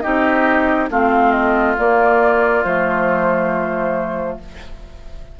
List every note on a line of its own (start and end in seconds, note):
0.00 0.90 C4
0.00 0.89 D#4
0.00 0.89 G4
0.00 0.87 D#5
0.90 1.77 A3
0.90 1.77 C4
0.90 4.38 F4
0.90 1.32 F5
1.32 1.75 D#5
1.77 2.64 A#3
1.77 2.63 D5
2.63 4.38 F3
2.63 4.39 A3
2.63 4.37 C5